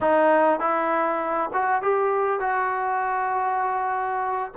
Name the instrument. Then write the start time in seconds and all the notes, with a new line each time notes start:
trombone
0.01 D#4
0.59 E4
1.53 F#4
1.82 G4
2.39 F#4